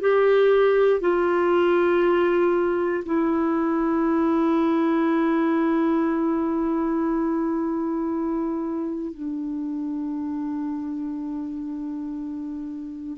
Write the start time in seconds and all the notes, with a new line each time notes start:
0.00 G4
1.00 F4
3.05 E4
9.13 D4